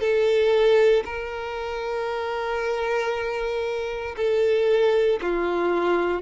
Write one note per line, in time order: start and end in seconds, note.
0.00 1.03 A4
1.05 4.15 A#4
4.17 5.20 A4
5.21 6.22 F4